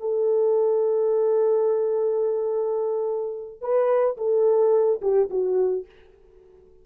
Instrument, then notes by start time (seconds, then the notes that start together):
horn
0.00 A4
3.61 B4
4.17 A4
5.02 G4
5.30 F#4